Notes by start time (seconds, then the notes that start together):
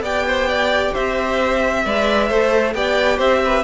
0.00 B3 G4 D5 G5
0.27 C5
0.48 D5
0.93 C4 C5 E5
1.85 G#3 B4 D5
2.28 A3 A4 C5
2.73 B3 G4 D5 G5
3.17 C4 C5 E5
3.45 B4